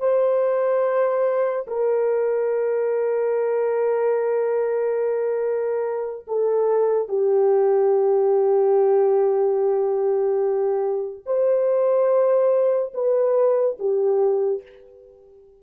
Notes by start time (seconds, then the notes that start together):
0.00 C5
1.67 A#4
6.28 A4
7.09 G4
11.26 C5
12.94 B4
13.80 G4